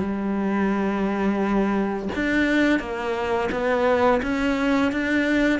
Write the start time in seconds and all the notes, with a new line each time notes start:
0.00 G3
2.15 D4
2.80 A#3
3.52 B3
4.22 C#4
4.92 D4